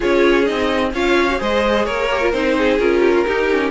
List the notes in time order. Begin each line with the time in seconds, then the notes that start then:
0.00 C#4 F4 G#4 C#5
0.44 C4 D#4 D#5
0.93 C#4 F4 C#5 F5
1.29 F#4
1.38 G#3 G#4 C5 D#5
1.84 A#3 A#4 C#5
2.11 G4
2.21 F4
2.31 C4 D#4 C5
2.57 G#4
2.79 C#4 F4 A#4
3.00 G4
3.13 F4
3.26 D#4 G4
3.51 C#4